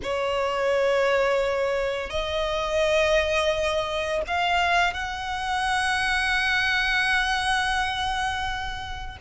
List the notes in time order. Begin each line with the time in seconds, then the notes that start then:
0.03 C#5
2.10 D#5
4.27 F5
4.93 F#5